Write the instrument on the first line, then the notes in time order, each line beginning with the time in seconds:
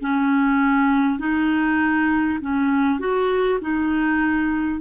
clarinet
0.00 C#4
1.19 D#4
2.41 C#4
2.99 F#4
3.61 D#4